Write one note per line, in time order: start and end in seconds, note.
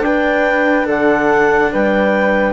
0.00 0.83 D4
0.00 0.86 B4
0.00 0.86 G5
0.06 2.53 D4
0.86 1.71 D3
0.86 1.70 A4
0.86 1.73 F#5
1.72 2.53 G3
1.72 2.53 B4
1.72 2.53 G5